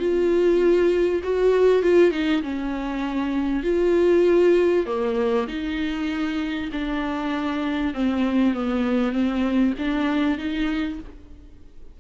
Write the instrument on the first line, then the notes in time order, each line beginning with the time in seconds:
viola
0.00 F4
1.24 F#4
1.83 F4
2.12 D#4
2.43 C#4
3.64 F4
4.86 A#3
5.48 D#4
6.73 D4
7.94 C4
8.54 B3
9.13 C4
9.79 D4
10.39 D#4